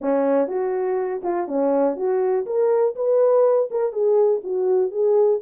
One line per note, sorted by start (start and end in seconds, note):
0.01 0.47 C#4
0.47 1.21 F#4
1.23 1.47 F4
1.47 1.96 C#4
1.96 2.45 F#4
2.46 2.95 A#4
2.95 3.69 B4
3.70 3.92 A#4
3.92 4.41 G#4
4.43 4.91 F#4
4.91 5.40 G#4